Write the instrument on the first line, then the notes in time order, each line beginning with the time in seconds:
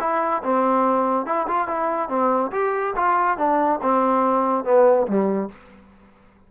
trombone
0.00 E4
0.43 C4
1.26 E4
1.48 F4
1.67 E4
2.09 C4
2.51 G4
2.96 F4
3.37 D4
3.82 C4
4.64 B3
5.07 G3